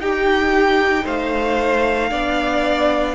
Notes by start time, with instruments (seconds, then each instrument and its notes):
0.00 cello D#4, viola D#4, violin G4 G5
1.05 cello A3, violin C5 F5
2.11 cello B3, viola D4, violin D5